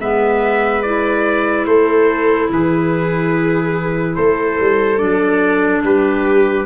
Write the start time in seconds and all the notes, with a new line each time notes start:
0.00 G#3 B3 B4 E5
0.82 E4 D5
1.66 A3 A4 C5
2.51 E3 G#4 B4
4.16 A3 A4 C5
4.61 G3
4.98 F#3 D4 D5
5.83 G3 G4 B4